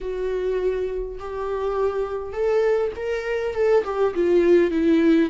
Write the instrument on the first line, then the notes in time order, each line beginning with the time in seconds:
viola
0.01 F#4
1.19 G4
2.32 A4
2.96 A#4
3.54 A4
3.84 G4
4.14 F4
4.71 E4